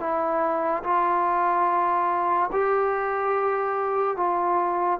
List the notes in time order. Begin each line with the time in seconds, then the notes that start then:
0.00 E4
0.84 F4
2.52 G4
4.17 F4